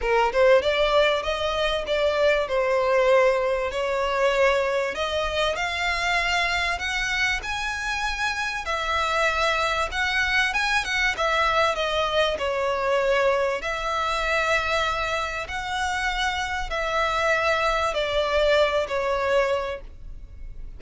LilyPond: \new Staff \with { instrumentName = "violin" } { \time 4/4 \tempo 4 = 97 ais'8 c''8 d''4 dis''4 d''4 | c''2 cis''2 | dis''4 f''2 fis''4 | gis''2 e''2 |
fis''4 gis''8 fis''8 e''4 dis''4 | cis''2 e''2~ | e''4 fis''2 e''4~ | e''4 d''4. cis''4. | }